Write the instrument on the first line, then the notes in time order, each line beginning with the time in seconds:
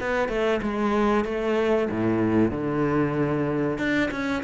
cello
0.00 B3
0.28 A3
0.62 G#3
1.24 A3
1.90 A2
2.51 D3
3.78 D4
4.11 C#4